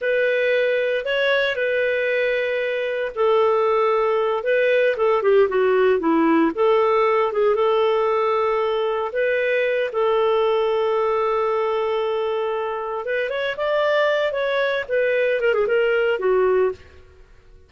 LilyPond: \new Staff \with { instrumentName = "clarinet" } { \time 4/4 \tempo 4 = 115 b'2 cis''4 b'4~ | b'2 a'2~ | a'8 b'4 a'8 g'8 fis'4 e'8~ | e'8 a'4. gis'8 a'4.~ |
a'4. b'4. a'4~ | a'1~ | a'4 b'8 cis''8 d''4. cis''8~ | cis''8 b'4 ais'16 gis'16 ais'4 fis'4 | }